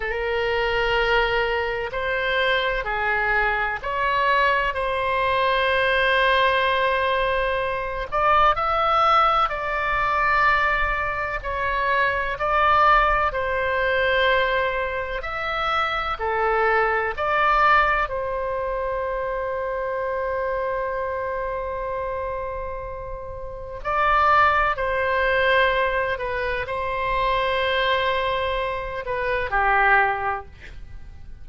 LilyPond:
\new Staff \with { instrumentName = "oboe" } { \time 4/4 \tempo 4 = 63 ais'2 c''4 gis'4 | cis''4 c''2.~ | c''8 d''8 e''4 d''2 | cis''4 d''4 c''2 |
e''4 a'4 d''4 c''4~ | c''1~ | c''4 d''4 c''4. b'8 | c''2~ c''8 b'8 g'4 | }